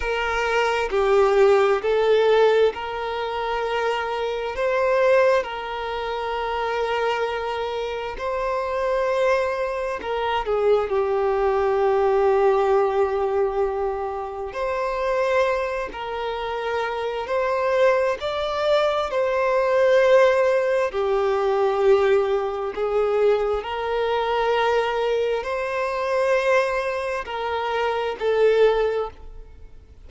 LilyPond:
\new Staff \with { instrumentName = "violin" } { \time 4/4 \tempo 4 = 66 ais'4 g'4 a'4 ais'4~ | ais'4 c''4 ais'2~ | ais'4 c''2 ais'8 gis'8 | g'1 |
c''4. ais'4. c''4 | d''4 c''2 g'4~ | g'4 gis'4 ais'2 | c''2 ais'4 a'4 | }